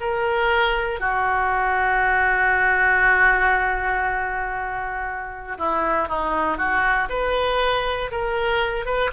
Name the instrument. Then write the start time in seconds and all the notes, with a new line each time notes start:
oboe
0.00 A#4
0.99 F#4
5.57 E4
6.08 D#4
6.57 F#4
7.09 B4
8.11 A#4
8.85 B4